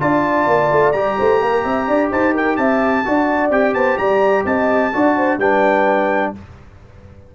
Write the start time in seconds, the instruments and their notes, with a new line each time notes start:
0.00 tuba D4, trombone F4, horn D5, trumpet A5
0.47 tuba A#3
0.71 tuba A3
0.92 tuba G3, trombone G4, trumpet A#5
1.18 tuba A3, horn C5
1.42 tuba A#3, horn A#4
1.64 tuba C4, horn E5
1.88 tuba D4, horn D5
2.11 tuba D#4, horn C5, trumpet A5
2.34 horn A#4, trumpet G5
2.57 tuba C4, horn E5, trumpet A5
3.05 tuba D4, trombone F#4, horn D5
3.50 tuba C4, trombone G4, trumpet G5
3.74 tuba B3, horn C5, trumpet A5
3.98 tuba G3, horn D5, trumpet A#5
4.45 tuba C4, horn D#5, trumpet A5
4.93 tuba D4, trombone F#4, horn D5
5.16 horn C5
5.37 tuba G3, trombone D4, horn B4, trumpet G5